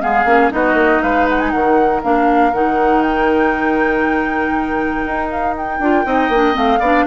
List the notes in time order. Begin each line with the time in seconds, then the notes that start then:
0.00 G#3 B3 G#4 F5
0.25 A#3 C#4
0.50 B3 D#4 F#4 D#5
0.73 A#3
1.02 G#3 B4 F5
1.29 F#5
1.39 G#5
1.50 D#3 A#4 F#5
2.02 A#3 D4 F5
2.53 D#3 D#4 F#5
3.02 G5
5.06 D#4
5.30 F5
5.57 G5
5.80 D4 F4
6.05 C4 D#4 D#5
6.29 A#3 D4
6.53 A3 C4 F5
6.79 B3 D4 D5